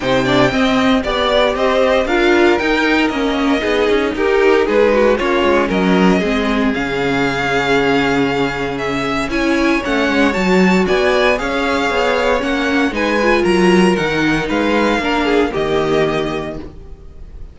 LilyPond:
<<
  \new Staff \with { instrumentName = "violin" } { \time 4/4 \tempo 4 = 116 g''2 d''4 dis''4 | f''4 g''4 dis''2 | ais'4 b'4 cis''4 dis''4~ | dis''4 f''2.~ |
f''4 e''4 gis''4 fis''4 | a''4 gis''4 f''2 | fis''4 gis''4 ais''4 fis''4 | f''2 dis''2 | }
  \new Staff \with { instrumentName = "violin" } { \time 4/4 c''8 d''8 dis''4 d''4 c''4 | ais'2. gis'4 | g'4 gis'8 fis'8 f'4 ais'4 | gis'1~ |
gis'2 cis''2~ | cis''4 d''4 cis''2~ | cis''4 b'4 ais'2 | b'4 ais'8 gis'8 g'2 | }
  \new Staff \with { instrumentName = "viola" } { \time 4/4 dis'8 d'8 c'4 g'2 | f'4 dis'4 cis'4 dis'4~ | dis'2 cis'2 | c'4 cis'2.~ |
cis'2 e'4 cis'4 | fis'2 gis'2 | cis'4 dis'8 f'4. dis'4~ | dis'4 d'4 ais2 | }
  \new Staff \with { instrumentName = "cello" } { \time 4/4 c4 c'4 b4 c'4 | d'4 dis'4 ais4 b8 cis'8 | dis'4 gis4 ais8 gis8 fis4 | gis4 cis2.~ |
cis2 cis'4 a8 gis8 | fis4 b4 cis'4 b4 | ais4 gis4 fis4 dis4 | gis4 ais4 dis2 | }
>>